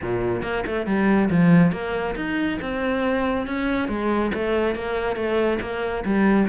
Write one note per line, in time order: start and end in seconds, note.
0.01 0.42 A#2
0.42 0.64 A#3
0.66 0.86 A3
0.86 1.29 G3
1.30 1.71 F3
1.71 2.15 A#3
2.15 2.59 D#4
2.61 3.46 C4
3.46 3.88 C#4
3.88 4.31 G#3
4.34 4.75 A3
4.75 5.16 A#3
5.16 5.59 A3
5.60 6.04 A#3
6.05 6.48 G3